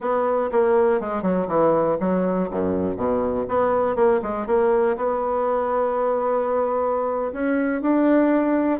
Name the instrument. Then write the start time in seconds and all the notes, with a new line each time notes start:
bassoon
0.00 B3
0.51 A#3
1.00 G#3
1.22 F#3
1.47 E3
1.99 F#3
2.50 F#2
2.96 B2
3.48 B3
3.95 A#3
4.22 G#3
4.47 A#3
4.96 B3
7.33 C#4
7.81 D4